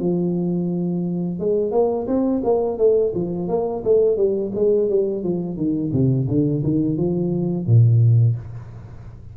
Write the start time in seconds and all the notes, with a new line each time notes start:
0.00 F3
1.40 G#3
1.72 A#3
2.07 C4
2.44 A#3
2.78 A3
3.15 F3
3.48 A#3
3.84 A3
4.16 G3
4.54 G#3
4.89 G3
5.24 F3
5.57 D#3
5.92 C3
6.28 D3
6.63 D#3
6.97 F3
7.66 A#2